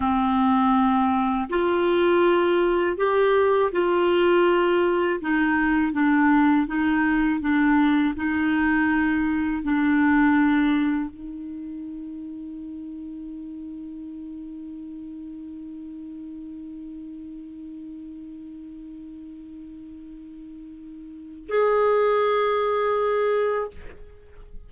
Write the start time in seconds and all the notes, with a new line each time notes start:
0.00 C4
1.49 F4
2.97 G4
3.72 F4
5.21 D#4
5.92 D4
6.66 D#4
7.40 D4
8.16 D#4
9.63 D4
11.10 D#4
21.48 G#4